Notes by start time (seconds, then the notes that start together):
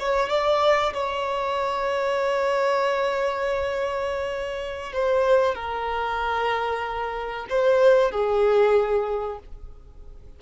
0.00 C#5
0.30 D5
0.94 C#5
4.93 C5
5.55 A#4
7.50 C5
8.12 G#4